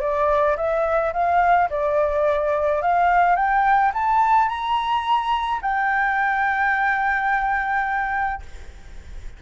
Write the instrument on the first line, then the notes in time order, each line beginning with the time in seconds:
flute
0.00 D5
0.57 E5
1.13 F5
1.69 D5
2.82 F5
3.35 G5
3.94 A5
4.48 A#5
5.62 G5